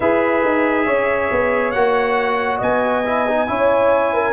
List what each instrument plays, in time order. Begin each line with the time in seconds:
0.00 tuba E4, trombone G#4, horn B4, trumpet E5
0.43 tuba D#4
0.86 tuba C#4, horn C#5
1.31 tuba B3
1.71 tuba A#3, trombone F#4, trumpet F#5
2.58 tuba B3, horn D#5, trumpet G#5
3.05 trombone E4
3.28 trombone D#4
3.47 tuba C#4, trombone E4, horn C#5
4.13 horn A#4